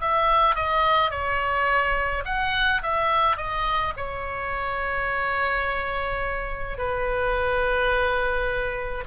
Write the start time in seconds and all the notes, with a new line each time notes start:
0.00 E5
0.55 D#5
1.10 C#5
2.25 F#5
2.83 E5
3.36 D#5
3.96 C#5
6.78 B4